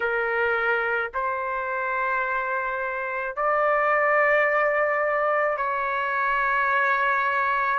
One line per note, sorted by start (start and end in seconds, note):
0.00 1.11 A#4
1.14 3.35 C5
3.35 5.57 D5
5.57 7.79 C#5